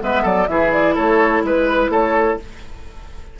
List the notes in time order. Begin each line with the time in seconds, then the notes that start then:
0.00 G#3 B3 B4 E5
0.23 F#3 A4 D5
0.47 E3 E4 G#4 E5
0.71 D5
0.95 A3 A4 C#5
1.43 G#3 B4
1.89 A3 A4 C#5